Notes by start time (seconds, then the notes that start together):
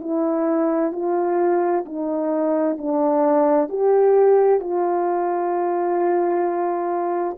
0.00 E4
0.92 F4
1.85 D#4
2.77 D4
3.68 G4
4.59 F4